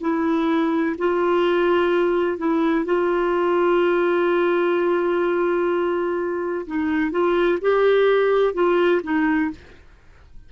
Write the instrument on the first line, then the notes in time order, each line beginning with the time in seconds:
clarinet
0.00 E4
0.98 F4
2.38 E4
2.85 F4
6.66 D#4
7.11 F4
7.61 G4
8.53 F4
9.03 D#4